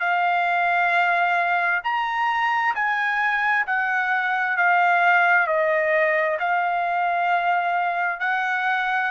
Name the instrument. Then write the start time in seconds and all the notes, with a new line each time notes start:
trumpet
0.00 F5
1.84 A#5
2.75 G#5
3.67 F#5
4.57 F5
5.48 D#5
6.40 F5
8.20 F#5